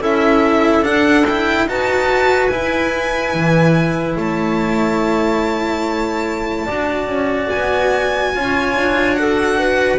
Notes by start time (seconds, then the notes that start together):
0.00 C#4 E4 A4 E5
0.82 D4 F#5
1.27 E4 G5
1.65 D#4 F#4 B4 A5
2.47 E4 G#5
3.34 E3
4.16 A3 C#5 A5
6.65 D4 F#4 D5
7.07 C#4
7.49 B3 G#5
8.35 C#4 F4 C#5
8.75 D4
9.15 F#4 A4 F#5
9.59 B4